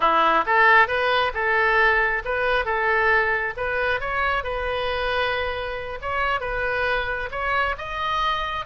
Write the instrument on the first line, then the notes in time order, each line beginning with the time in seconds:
oboe
0.00 E4
0.46 A4
0.87 B4
1.34 A4
2.24 B4
2.65 A4
3.56 B4
4.00 C#5
4.43 B4
6.01 C#5
6.40 B4
7.31 C#5
7.78 D#5